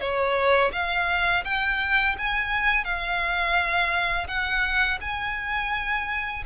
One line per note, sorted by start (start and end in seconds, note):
0.00 0.71 C#5
0.72 1.44 F5
1.44 2.16 G5
2.18 2.84 G#5
2.84 4.27 F5
4.27 4.99 F#5
5.00 6.43 G#5